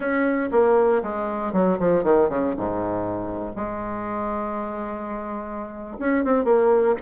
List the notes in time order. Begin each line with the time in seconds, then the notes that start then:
0.00 C#4
0.51 A#3
1.02 G#3
1.53 F#3
1.79 F3
2.03 D#3
2.29 C#3
2.57 G#2
3.55 G#3
5.99 C#4
6.24 C4
6.44 A#3